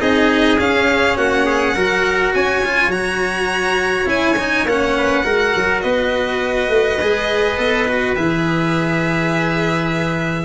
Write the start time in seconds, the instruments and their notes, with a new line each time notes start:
0.00 tuba C4, cello D#4, trumpet G#4, violin D#5
0.59 cello C#4, tuba C#4, violin F5
1.17 tuba A#3, trumpet F#4, violin F#5
1.45 trumpet G#4
1.75 tuba F#3, cello F#4, trumpet A#4
2.34 tuba C#4, trumpet C#5, violin G#5
2.65 cello F4
2.87 tuba F#3, cello F#4, violin A#5
4.06 tuba C#4, cello E4, violin G#5
4.39 cello D#4
4.65 tuba A#3, cello C#4, violin F#5
4.98 trumpet B4
5.24 tuba G#3, cello F#4, trumpet A#4
5.55 tuba F#3
5.81 tuba B3, trumpet B4, violin D#5
6.69 tuba A3
7.01 tuba G#3, cello G#4
7.57 tuba B3, cello A4
7.87 cello F#4
8.16 tuba E3, cello G#4, violin E5